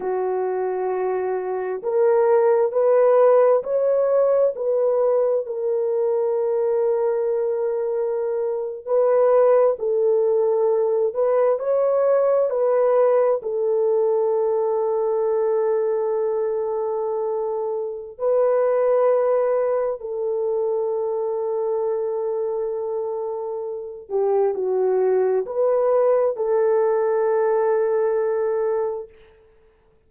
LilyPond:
\new Staff \with { instrumentName = "horn" } { \time 4/4 \tempo 4 = 66 fis'2 ais'4 b'4 | cis''4 b'4 ais'2~ | ais'4.~ ais'16 b'4 a'4~ a'16~ | a'16 b'8 cis''4 b'4 a'4~ a'16~ |
a'1 | b'2 a'2~ | a'2~ a'8 g'8 fis'4 | b'4 a'2. | }